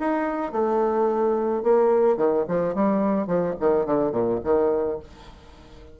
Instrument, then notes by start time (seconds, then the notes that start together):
bassoon
0.00 D#4
0.53 A3
1.63 A#3
2.17 D#3
2.48 F3
2.75 G3
3.27 F3
3.60 D#3
3.86 D3
4.12 A#2
4.44 D#3